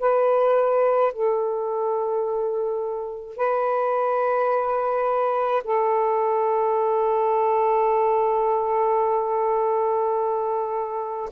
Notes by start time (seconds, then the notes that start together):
0.00 B4
1.13 A4
3.37 B4
5.64 A4